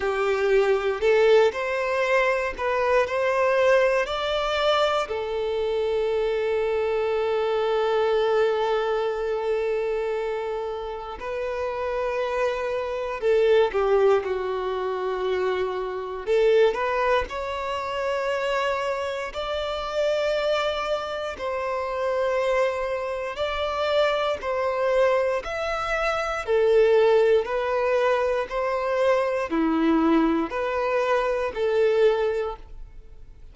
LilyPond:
\new Staff \with { instrumentName = "violin" } { \time 4/4 \tempo 4 = 59 g'4 a'8 c''4 b'8 c''4 | d''4 a'2.~ | a'2. b'4~ | b'4 a'8 g'8 fis'2 |
a'8 b'8 cis''2 d''4~ | d''4 c''2 d''4 | c''4 e''4 a'4 b'4 | c''4 e'4 b'4 a'4 | }